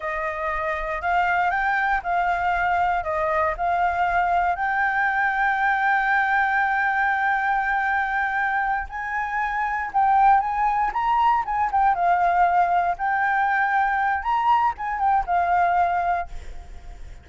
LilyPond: \new Staff \with { instrumentName = "flute" } { \time 4/4 \tempo 4 = 118 dis''2 f''4 g''4 | f''2 dis''4 f''4~ | f''4 g''2.~ | g''1~ |
g''4. gis''2 g''8~ | g''8 gis''4 ais''4 gis''8 g''8 f''8~ | f''4. g''2~ g''8 | ais''4 gis''8 g''8 f''2 | }